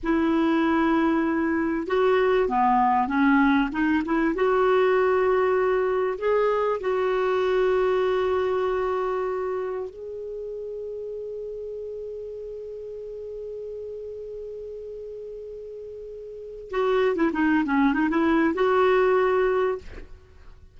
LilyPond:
\new Staff \with { instrumentName = "clarinet" } { \time 4/4 \tempo 4 = 97 e'2. fis'4 | b4 cis'4 dis'8 e'8 fis'4~ | fis'2 gis'4 fis'4~ | fis'1 |
gis'1~ | gis'1~ | gis'2. fis'8. e'16 | dis'8 cis'8 dis'16 e'8. fis'2 | }